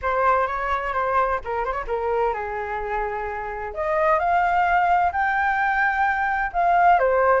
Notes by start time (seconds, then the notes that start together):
0.01 C5
0.47 C#5
0.93 C5
1.44 A#4
1.64 C5
1.72 C#5
1.87 A#4
2.33 G#4
3.73 D#5
4.19 F5
5.12 G5
6.52 F5
6.99 C5